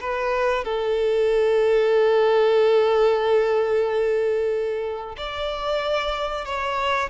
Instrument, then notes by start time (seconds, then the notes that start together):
violin
0.00 B4
0.64 A4
5.17 D5
6.45 C#5